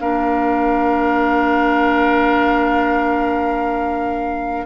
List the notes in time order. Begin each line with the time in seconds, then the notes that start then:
0.00 A#3 D4 A#4 F5